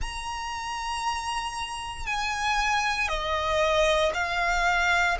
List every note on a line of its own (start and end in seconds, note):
0.00 2.06 A#5
2.06 3.08 G#5
3.08 4.11 D#5
4.14 5.17 F5